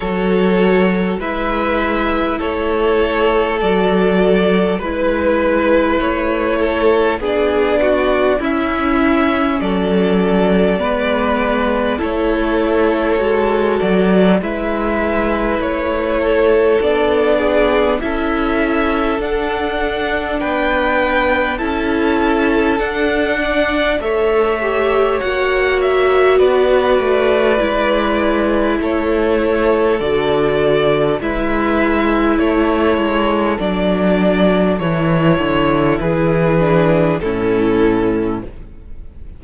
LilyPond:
<<
  \new Staff \with { instrumentName = "violin" } { \time 4/4 \tempo 4 = 50 cis''4 e''4 cis''4 d''4 | b'4 cis''4 d''4 e''4 | d''2 cis''4. d''8 | e''4 cis''4 d''4 e''4 |
fis''4 g''4 a''4 fis''4 | e''4 fis''8 e''8 d''2 | cis''4 d''4 e''4 cis''4 | d''4 cis''4 b'4 a'4 | }
  \new Staff \with { instrumentName = "violin" } { \time 4/4 a'4 b'4 a'2 | b'4. a'8 gis'8 fis'8 e'4 | a'4 b'4 a'2 | b'4. a'4 gis'8 a'4~ |
a'4 b'4 a'4. d''8 | cis''2 b'2 | a'2 b'4 a'4~ | a'2 gis'4 e'4 | }
  \new Staff \with { instrumentName = "viola" } { \time 4/4 fis'4 e'2 fis'4 | e'2 d'4 cis'4~ | cis'4 b4 e'4 fis'4 | e'2 d'4 e'4 |
d'2 e'4 d'4 | a'8 g'8 fis'2 e'4~ | e'4 fis'4 e'2 | d'4 e'4. d'8 cis'4 | }
  \new Staff \with { instrumentName = "cello" } { \time 4/4 fis4 gis4 a4 fis4 | gis4 a4 b4 cis'4 | fis4 gis4 a4 gis8 fis8 | gis4 a4 b4 cis'4 |
d'4 b4 cis'4 d'4 | a4 ais4 b8 a8 gis4 | a4 d4 gis4 a8 gis8 | fis4 e8 d8 e4 a,4 | }
>>